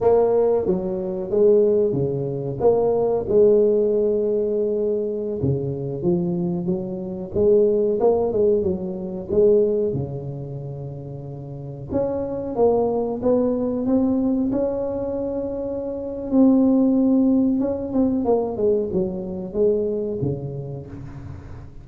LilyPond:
\new Staff \with { instrumentName = "tuba" } { \time 4/4 \tempo 4 = 92 ais4 fis4 gis4 cis4 | ais4 gis2.~ | gis16 cis4 f4 fis4 gis8.~ | gis16 ais8 gis8 fis4 gis4 cis8.~ |
cis2~ cis16 cis'4 ais8.~ | ais16 b4 c'4 cis'4.~ cis'16~ | cis'4 c'2 cis'8 c'8 | ais8 gis8 fis4 gis4 cis4 | }